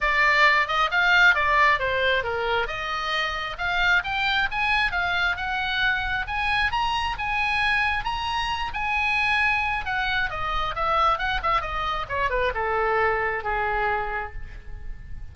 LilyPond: \new Staff \with { instrumentName = "oboe" } { \time 4/4 \tempo 4 = 134 d''4. dis''8 f''4 d''4 | c''4 ais'4 dis''2 | f''4 g''4 gis''4 f''4 | fis''2 gis''4 ais''4 |
gis''2 ais''4. gis''8~ | gis''2 fis''4 dis''4 | e''4 fis''8 e''8 dis''4 cis''8 b'8 | a'2 gis'2 | }